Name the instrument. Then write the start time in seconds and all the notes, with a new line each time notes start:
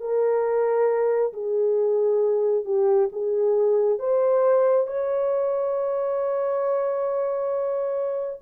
horn
0.00 A#4
1.33 G#4
2.65 G4
3.12 G#4
3.99 C5
4.87 C#5